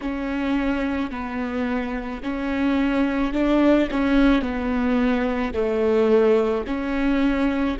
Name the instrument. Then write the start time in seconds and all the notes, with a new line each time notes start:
viola
0.01 C#4
1.11 B3
2.22 C#4
3.33 D4
3.90 C#4
4.41 B3
5.53 A3
6.66 C#4